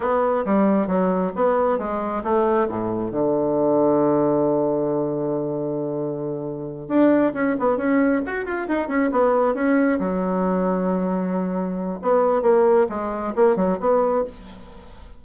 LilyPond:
\new Staff \with { instrumentName = "bassoon" } { \time 4/4 \tempo 4 = 135 b4 g4 fis4 b4 | gis4 a4 a,4 d4~ | d1~ | d2.~ d8 d'8~ |
d'8 cis'8 b8 cis'4 fis'8 f'8 dis'8 | cis'8 b4 cis'4 fis4.~ | fis2. b4 | ais4 gis4 ais8 fis8 b4 | }